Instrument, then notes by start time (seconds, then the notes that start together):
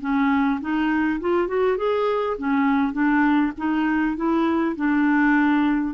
clarinet
0.00 C#4
0.60 D#4
1.20 F4
1.47 F#4
1.77 G#4
2.38 C#4
2.92 D4
3.57 D#4
4.16 E4
4.76 D4